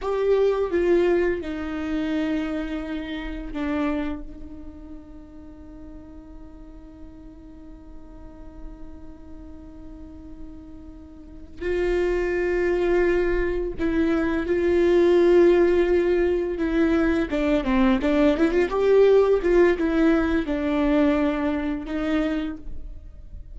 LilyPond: \new Staff \with { instrumentName = "viola" } { \time 4/4 \tempo 4 = 85 g'4 f'4 dis'2~ | dis'4 d'4 dis'2~ | dis'1~ | dis'1~ |
dis'8 f'2. e'8~ | e'8 f'2. e'8~ | e'8 d'8 c'8 d'8 e'16 f'16 g'4 f'8 | e'4 d'2 dis'4 | }